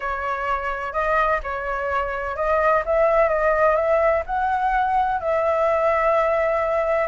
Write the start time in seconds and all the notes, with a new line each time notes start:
0.00 C#5
0.92 D#5
1.43 C#5
2.36 D#5
2.85 E5
3.28 D#5
3.75 E5
4.26 F#5
5.20 E5